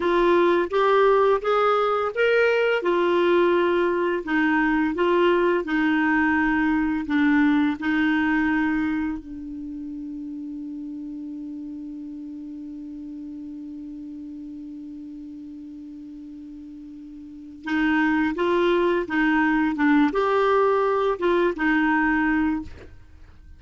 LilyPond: \new Staff \with { instrumentName = "clarinet" } { \time 4/4 \tempo 4 = 85 f'4 g'4 gis'4 ais'4 | f'2 dis'4 f'4 | dis'2 d'4 dis'4~ | dis'4 d'2.~ |
d'1~ | d'1~ | d'4 dis'4 f'4 dis'4 | d'8 g'4. f'8 dis'4. | }